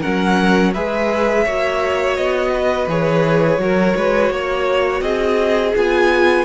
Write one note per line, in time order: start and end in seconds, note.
0.00 0.75 F#3
0.00 0.73 C#4
0.00 0.71 A#4
0.00 0.73 F#5
0.74 1.46 G#3
0.74 1.46 G#4
0.74 1.44 B4
0.74 2.16 E5
1.44 2.17 A#3
1.44 2.89 F#4
1.44 2.51 C#5
2.16 2.87 B3
2.16 2.88 D#5
2.53 3.60 B4
2.87 3.58 E3
2.87 3.59 G#4
2.87 5.00 C#5
3.58 3.93 F#3
3.58 5.73 F#4
3.58 3.96 A#4
3.96 4.30 G#3
3.96 4.32 B4
4.30 5.01 A#3
4.30 5.02 C#5
5.00 5.72 C4
5.00 6.45 G#4
5.00 5.72 D#5
5.75 6.45 B3
5.75 6.45 F4
5.75 6.45 G#5